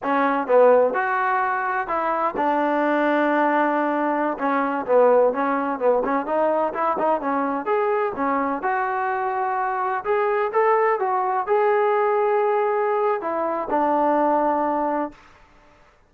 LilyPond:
\new Staff \with { instrumentName = "trombone" } { \time 4/4 \tempo 4 = 127 cis'4 b4 fis'2 | e'4 d'2.~ | d'4~ d'16 cis'4 b4 cis'8.~ | cis'16 b8 cis'8 dis'4 e'8 dis'8 cis'8.~ |
cis'16 gis'4 cis'4 fis'4.~ fis'16~ | fis'4~ fis'16 gis'4 a'4 fis'8.~ | fis'16 gis'2.~ gis'8. | e'4 d'2. | }